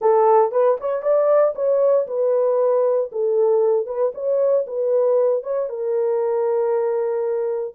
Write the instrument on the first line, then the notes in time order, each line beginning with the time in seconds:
horn
0.01 A4
0.51 B4
0.80 C#5
1.02 D5
1.55 C#5
2.07 B4
3.12 A4
3.86 B4
4.14 C#5
4.67 B4
5.43 C#5
5.69 A#4